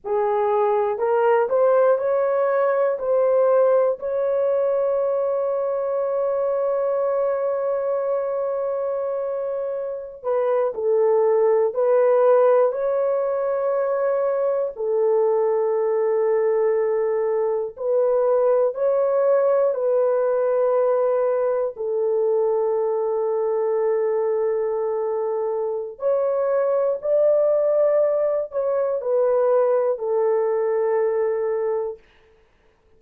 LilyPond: \new Staff \with { instrumentName = "horn" } { \time 4/4 \tempo 4 = 60 gis'4 ais'8 c''8 cis''4 c''4 | cis''1~ | cis''2~ cis''16 b'8 a'4 b'16~ | b'8. cis''2 a'4~ a'16~ |
a'4.~ a'16 b'4 cis''4 b'16~ | b'4.~ b'16 a'2~ a'16~ | a'2 cis''4 d''4~ | d''8 cis''8 b'4 a'2 | }